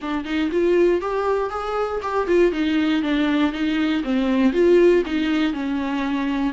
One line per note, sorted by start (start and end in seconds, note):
0.01 0.24 D4
0.24 0.50 D#4
0.51 1.01 F4
1.01 1.50 G4
1.50 2.00 G#4
2.02 2.27 G4
2.27 2.52 F4
2.52 3.02 D#4
3.02 3.52 D4
3.52 4.02 D#4
4.03 4.52 C4
4.52 5.03 F4
5.05 5.53 D#4
5.53 6.53 C#4